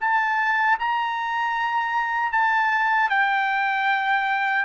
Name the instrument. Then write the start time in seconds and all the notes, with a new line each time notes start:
trumpet
0.00 A5
0.79 A#5
2.32 A5
3.09 G5